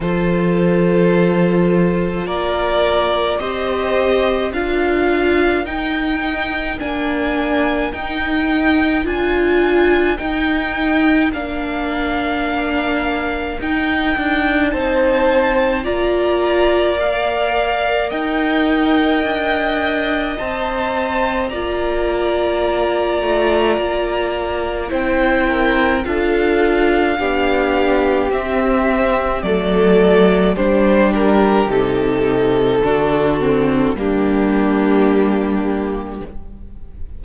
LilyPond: <<
  \new Staff \with { instrumentName = "violin" } { \time 4/4 \tempo 4 = 53 c''2 d''4 dis''4 | f''4 g''4 gis''4 g''4 | gis''4 g''4 f''2 | g''4 a''4 ais''4 f''4 |
g''2 a''4 ais''4~ | ais''2 g''4 f''4~ | f''4 e''4 d''4 c''8 ais'8 | a'2 g'2 | }
  \new Staff \with { instrumentName = "violin" } { \time 4/4 a'2 ais'4 c''4 | ais'1~ | ais'1~ | ais'4 c''4 d''2 |
dis''2. d''4~ | d''2 c''8 ais'8 a'4 | g'2 a'4 g'4~ | g'4 fis'4 d'2 | }
  \new Staff \with { instrumentName = "viola" } { \time 4/4 f'2. g'4 | f'4 dis'4 d'4 dis'4 | f'4 dis'4 d'2 | dis'2 f'4 ais'4~ |
ais'2 c''4 f'4~ | f'2 e'4 f'4 | d'4 c'4 a4 d'4 | dis'4 d'8 c'8 ais2 | }
  \new Staff \with { instrumentName = "cello" } { \time 4/4 f2 ais4 c'4 | d'4 dis'4 ais4 dis'4 | d'4 dis'4 ais2 | dis'8 d'8 c'4 ais2 |
dis'4 d'4 c'4 ais4~ | ais8 a8 ais4 c'4 d'4 | b4 c'4 fis4 g4 | c4 d4 g2 | }
>>